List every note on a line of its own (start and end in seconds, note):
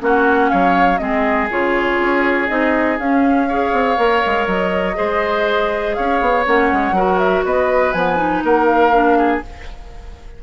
0.00 0.51 A#3
0.00 0.99 C#4
0.00 0.51 F#4
0.00 0.49 F#5
0.49 1.00 F#3
0.49 1.00 C#5
0.49 0.98 F5
0.98 1.50 G#3
0.98 1.48 C4
0.98 3.48 G#4
0.98 1.48 D#5
1.50 1.99 C#3
1.50 2.48 F4
1.50 2.48 C#5
1.99 2.49 C#4
2.48 2.99 C4
2.48 2.97 D#4
2.48 2.97 D#5
2.99 3.72 C#4
2.99 3.50 C#4
2.99 4.48 F5
3.48 3.97 G#4
3.48 4.96 C#5
3.72 3.97 C4
3.97 4.23 A#3
3.97 4.94 A#4
4.26 4.46 G#3
4.46 4.96 F#3
4.46 5.94 D#5
4.94 5.98 G#3
4.94 6.43 G#4
4.94 5.96 C5
5.94 6.21 C#4
5.94 6.95 C#5
5.94 6.44 F5
6.21 6.45 B3
6.45 6.72 A#3
6.45 6.95 C#4
6.45 7.18 F#5
6.72 6.92 G#3
6.92 7.41 F#3
6.92 7.95 F#4
6.92 7.45 A#4
7.18 7.43 E5
7.44 7.93 B3
7.44 8.44 B4
7.44 7.93 D#5
7.93 8.43 F3
7.93 8.16 B3
7.93 8.42 G#5
8.16 8.91 D#4
8.43 9.42 A#3
8.43 9.18 A#4
8.43 8.65 F#5
8.65 9.39 F5
8.92 9.42 D4
9.18 9.43 G#4